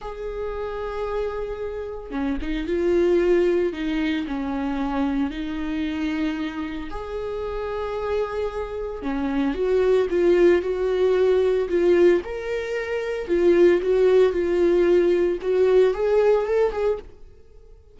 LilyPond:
\new Staff \with { instrumentName = "viola" } { \time 4/4 \tempo 4 = 113 gis'1 | cis'8 dis'8 f'2 dis'4 | cis'2 dis'2~ | dis'4 gis'2.~ |
gis'4 cis'4 fis'4 f'4 | fis'2 f'4 ais'4~ | ais'4 f'4 fis'4 f'4~ | f'4 fis'4 gis'4 a'8 gis'8 | }